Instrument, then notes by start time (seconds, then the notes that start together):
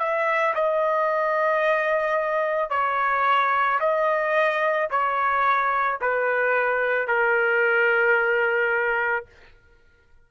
trumpet
0.00 E5
0.55 D#5
2.70 C#5
3.80 D#5
4.91 C#5
6.02 B4
7.08 A#4